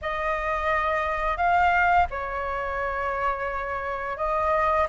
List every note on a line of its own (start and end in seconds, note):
0.01 1.37 D#5
1.37 2.06 F5
2.10 4.17 C#5
4.17 4.87 D#5